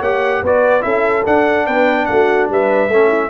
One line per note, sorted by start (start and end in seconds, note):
0.00 0.41 A#3
0.00 0.45 G4
0.00 0.41 C#5
0.00 0.43 F#5
0.42 0.83 B3
0.42 0.80 F#4
0.42 0.84 B4
0.42 0.82 D5
0.80 1.25 C#4
0.80 1.22 E4
0.80 1.66 A4
0.80 1.23 E5
1.25 2.89 D4
1.25 1.67 D4
1.25 1.66 F#5
1.66 2.08 B3
1.66 2.07 B4
1.66 2.05 G5
2.05 2.49 A3
2.05 2.51 F#4
2.05 2.46 F#5
2.49 2.88 G3
2.49 2.92 B4
2.49 3.29 E5
2.88 3.29 A3
2.88 3.29 C#4
2.88 3.08 A4
3.08 3.28 E4